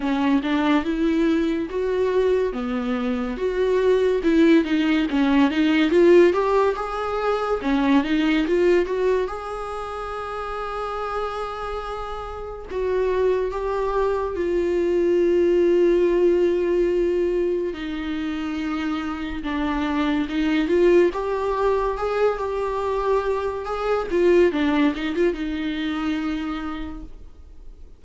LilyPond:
\new Staff \with { instrumentName = "viola" } { \time 4/4 \tempo 4 = 71 cis'8 d'8 e'4 fis'4 b4 | fis'4 e'8 dis'8 cis'8 dis'8 f'8 g'8 | gis'4 cis'8 dis'8 f'8 fis'8 gis'4~ | gis'2. fis'4 |
g'4 f'2.~ | f'4 dis'2 d'4 | dis'8 f'8 g'4 gis'8 g'4. | gis'8 f'8 d'8 dis'16 f'16 dis'2 | }